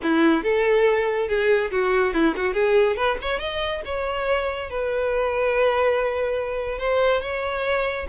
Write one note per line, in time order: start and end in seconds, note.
0.02 0.43 E4
0.43 1.28 A4
1.28 1.71 G#4
1.71 2.13 F#4
2.13 2.34 E4
2.36 2.53 F#4
2.53 2.96 G#4
2.96 3.17 B4
3.21 3.39 C#5
3.39 3.81 D#5
3.85 4.69 C#5
4.69 6.78 B4
6.78 7.21 C5
7.21 8.06 C#5